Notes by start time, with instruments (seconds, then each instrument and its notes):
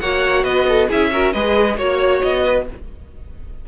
0.00 cello A#3, viola F#4, violin C#5 F#5
0.43 cello B3, violin B4 D#5
0.68 violin A4
0.88 cello C#4, viola E4, violin G#4 E5
1.12 viola F#4, violin A#4
1.32 cello G#3, viola G#4, violin B4 D#5
1.77 cello A#3, viola F#4, violin C#5
2.21 cello B3, violin D#5
2.44 violin B4